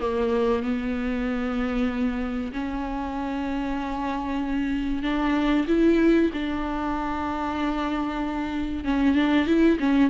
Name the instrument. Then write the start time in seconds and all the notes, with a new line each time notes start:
viola
0.00 A#3
0.63 B3
2.53 C#4
5.03 D4
5.68 E4
6.34 D4
8.85 C#4
9.15 D4
9.47 E4
9.80 C#4